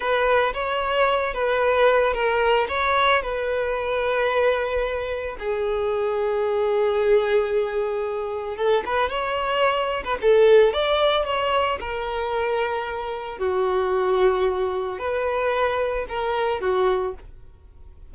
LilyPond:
\new Staff \with { instrumentName = "violin" } { \time 4/4 \tempo 4 = 112 b'4 cis''4. b'4. | ais'4 cis''4 b'2~ | b'2 gis'2~ | gis'1 |
a'8 b'8 cis''4.~ cis''16 b'16 a'4 | d''4 cis''4 ais'2~ | ais'4 fis'2. | b'2 ais'4 fis'4 | }